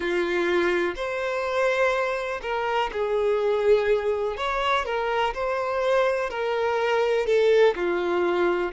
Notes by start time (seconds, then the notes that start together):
0.00 F4
0.95 C5
2.42 A#4
2.92 G#4
4.36 C#5
4.85 A#4
5.34 C5
6.29 A#4
7.26 A4
7.75 F4